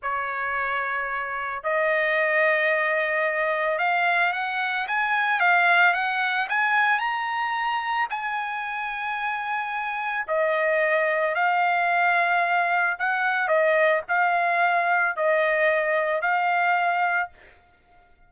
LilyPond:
\new Staff \with { instrumentName = "trumpet" } { \time 4/4 \tempo 4 = 111 cis''2. dis''4~ | dis''2. f''4 | fis''4 gis''4 f''4 fis''4 | gis''4 ais''2 gis''4~ |
gis''2. dis''4~ | dis''4 f''2. | fis''4 dis''4 f''2 | dis''2 f''2 | }